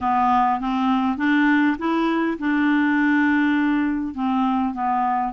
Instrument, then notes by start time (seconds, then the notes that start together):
clarinet
0.00 B3
0.59 C4
1.17 D4
1.78 E4
2.38 D4
4.14 C4
4.74 B3